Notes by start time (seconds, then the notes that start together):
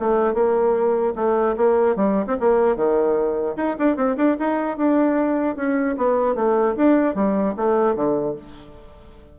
0.00 A3
0.34 A#3
1.16 A3
1.57 A#3
1.97 G3
2.27 C4
2.41 A#3
2.77 D#3
3.57 D#4
3.79 D4
3.97 C4
4.17 D4
4.40 D#4
4.78 D4
5.57 C#4
5.98 B3
6.36 A3
6.77 D4
7.15 G3
7.57 A3
7.96 D3